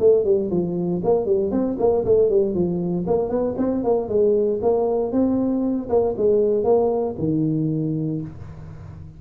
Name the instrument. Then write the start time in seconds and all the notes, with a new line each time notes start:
tuba
0.00 A3
0.25 G3
0.51 F3
1.04 A#3
1.26 G3
1.52 C4
1.79 A#3
2.05 A3
2.30 G3
2.55 F3
3.07 A#3
3.30 B3
3.58 C4
3.84 A#3
4.09 G#3
4.62 A#3
5.12 C4
5.90 A#3
6.18 G#3
6.64 A#3
7.19 D#3